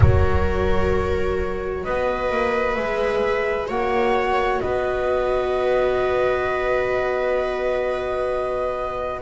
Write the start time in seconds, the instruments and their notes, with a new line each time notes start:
0.00 double bass F#3, viola F#4 A#4, flute C#5
1.84 double bass B3, viola B4, flute D#5
2.31 double bass A#3
2.74 double bass G#3, viola G#4, flute E5
3.66 double bass A#3, viola F#4 C#5, flute F#5
4.59 double bass B3, viola B4, flute D#5